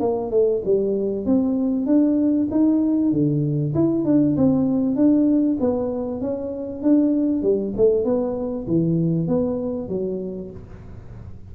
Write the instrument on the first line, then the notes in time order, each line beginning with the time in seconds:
tuba
0.00 A#3
0.31 A3
0.65 G3
1.25 C4
1.86 D4
2.51 D#4
3.12 D3
3.74 E4
4.05 D4
4.37 C4
4.95 D4
5.60 B3
6.21 C#4
6.83 D4
7.43 G3
7.77 A3
8.04 B3
8.67 E3
9.28 B3
9.89 F#3